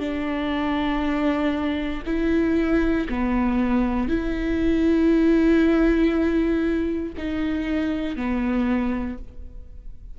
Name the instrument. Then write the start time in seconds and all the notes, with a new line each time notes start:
viola
0.00 D4
2.06 E4
3.09 B3
4.09 E4
7.17 D#4
8.16 B3